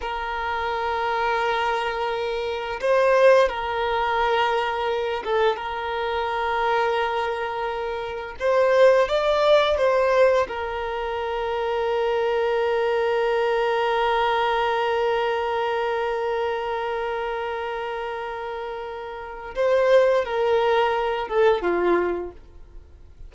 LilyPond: \new Staff \with { instrumentName = "violin" } { \time 4/4 \tempo 4 = 86 ais'1 | c''4 ais'2~ ais'8 a'8 | ais'1 | c''4 d''4 c''4 ais'4~ |
ais'1~ | ais'1~ | ais'1 | c''4 ais'4. a'8 f'4 | }